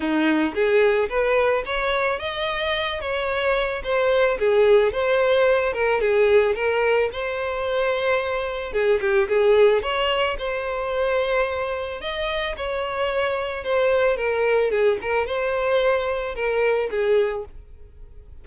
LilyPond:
\new Staff \with { instrumentName = "violin" } { \time 4/4 \tempo 4 = 110 dis'4 gis'4 b'4 cis''4 | dis''4. cis''4. c''4 | gis'4 c''4. ais'8 gis'4 | ais'4 c''2. |
gis'8 g'8 gis'4 cis''4 c''4~ | c''2 dis''4 cis''4~ | cis''4 c''4 ais'4 gis'8 ais'8 | c''2 ais'4 gis'4 | }